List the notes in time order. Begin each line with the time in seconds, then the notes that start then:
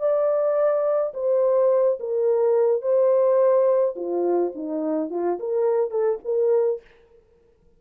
0.00 D5
1.14 C5
2.00 A#4
2.82 C5
3.96 F4
4.55 D#4
5.11 F4
5.40 A#4
5.91 A4
6.25 A#4